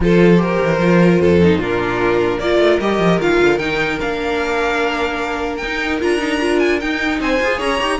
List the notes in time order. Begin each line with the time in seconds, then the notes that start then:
0.00 F3 F4 A4 C5
0.37 G4 A#4
0.63 E3
0.78 F3 F4
1.20 F2 A4
1.42 D#4
1.58 A#2 D4 F4 A#4
2.39 A#3 F4 A#4 D5
2.58 A3
2.80 G3 G4 D#5
2.98 F3
3.19 D#3 F4 F5
3.40 D3
3.58 D#3 D#4 G5
4.00 A#3 D4 F5
5.56 D#4 G5
5.64 D#4
6.00 D4 F4 A#5
6.19 D#4
6.40 F4
6.59 G#5
6.80 D#4 G5
7.20 C4 C5 G#5
7.40 F4 G#4
7.57 C#4 C#5 A#5
7.80 D#4 G4